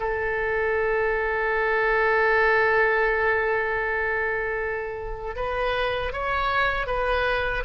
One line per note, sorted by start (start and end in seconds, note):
0.00 5.36 A4
5.36 6.13 B4
6.13 6.87 C#5
6.87 7.64 B4